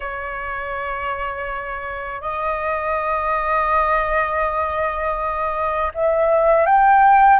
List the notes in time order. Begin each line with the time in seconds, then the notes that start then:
0.00 C#5
2.21 D#5
5.94 E5
6.65 G5